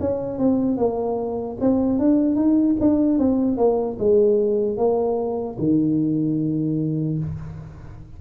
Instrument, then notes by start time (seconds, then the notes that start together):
tuba
0.00 C#4
0.38 C4
0.77 A#3
1.60 C4
1.99 D4
2.35 D#4
2.80 D4
3.18 C4
3.57 A#3
3.99 G#3
4.77 A#3
5.58 D#3